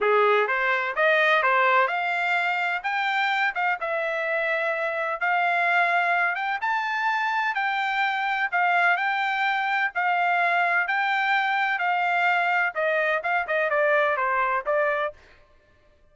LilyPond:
\new Staff \with { instrumentName = "trumpet" } { \time 4/4 \tempo 4 = 127 gis'4 c''4 dis''4 c''4 | f''2 g''4. f''8 | e''2. f''4~ | f''4. g''8 a''2 |
g''2 f''4 g''4~ | g''4 f''2 g''4~ | g''4 f''2 dis''4 | f''8 dis''8 d''4 c''4 d''4 | }